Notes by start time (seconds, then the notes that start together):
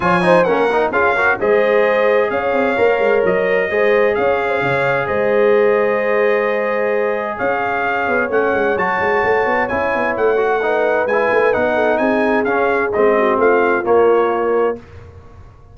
0.00 F3 F4 C#5 G#5
0.21 D#4 C5
0.44 A#3 C#4 A#4 F#5
0.72 D#4
0.91 C#4 F4 G#4 F5
1.15 F#4 A#4
1.40 G#3 G#4 C5 D#5
2.30 C#4 C#5 F5
2.53 C4
2.76 A#3 A#4
2.99 G#3
3.24 F#3 D#5
3.69 G#3 G#4 C5
4.14 C#4 C#5 F5
4.48 C5
4.61 C#3 C#5
5.06 G#3 C5 D#5
7.36 C#4 C#5 F5
8.08 B3
8.29 A3 C#4 F#5
8.53 G#3
8.76 F#3 F#4 A5
8.99 G#3
9.23 A3
9.45 B3
9.68 C#4 E4 G#5
9.94 B3
10.16 A3 F#5
10.36 F#4
10.62 D#4 B4
11.06 G#3 E4 G#5
11.31 A3
11.53 B3 D#4 F#5
11.75 A4
11.97 C4 G#4 G#5
12.44 C#4 F5
12.92 G#3 C4 D#5
13.17 F#4
13.37 A3 F4 F5
13.83 A#3 C#5